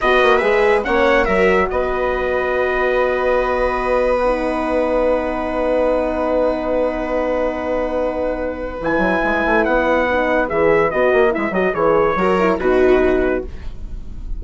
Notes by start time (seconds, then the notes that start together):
0.01 B3 F#4 B4 D#5
0.22 A#3
0.38 G#3 G#4 E5
0.83 A#3 C#4 C#5 F#5
1.24 F#3 F#4 A#4 E5
1.69 B3 B4 D#5
4.17 F#5
4.24 D#4
8.80 E3 E4 G#5
8.97 F#3
9.23 G#3
9.45 A3
9.64 B3 F#5
10.10 D#4
10.48 E3 G#4 E5
10.90 B3 F#4 D#5
11.13 A#3
11.30 E4 E5
11.36 G#3
11.50 F#3 F#4 D#5
11.73 E3 G#4 C#5
12.15 F#3 F#4 A#4
12.39 E4
12.59 B2 D#4 F#4 B4